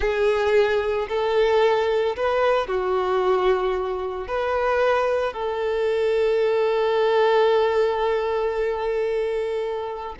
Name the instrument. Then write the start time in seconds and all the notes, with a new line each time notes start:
violin
0.00 G#4
1.08 A4
2.16 B4
2.67 F#4
4.27 B4
5.33 A4